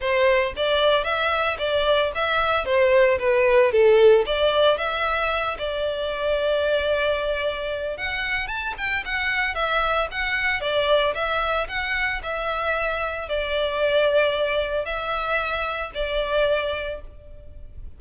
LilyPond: \new Staff \with { instrumentName = "violin" } { \time 4/4 \tempo 4 = 113 c''4 d''4 e''4 d''4 | e''4 c''4 b'4 a'4 | d''4 e''4. d''4.~ | d''2. fis''4 |
a''8 g''8 fis''4 e''4 fis''4 | d''4 e''4 fis''4 e''4~ | e''4 d''2. | e''2 d''2 | }